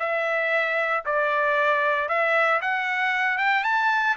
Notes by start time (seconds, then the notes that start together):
0.00 E5
1.06 D5
2.09 E5
2.62 F#5
3.38 G5
3.65 A5